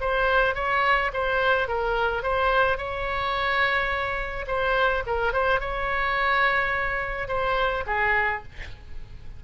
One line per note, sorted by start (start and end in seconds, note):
0.00 0.55 C5
0.55 1.11 C#5
1.13 1.68 C5
1.68 2.22 A#4
2.22 2.77 C5
2.77 4.45 C#5
4.47 5.03 C5
5.06 5.32 A#4
5.32 5.60 C5
5.60 7.27 C#5
7.27 7.84 C5
7.86 8.42 G#4